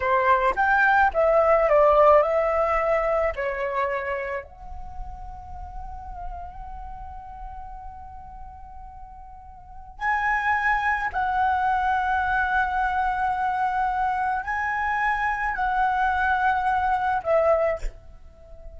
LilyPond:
\new Staff \with { instrumentName = "flute" } { \time 4/4 \tempo 4 = 108 c''4 g''4 e''4 d''4 | e''2 cis''2 | fis''1~ | fis''1~ |
fis''2 gis''2 | fis''1~ | fis''2 gis''2 | fis''2. e''4 | }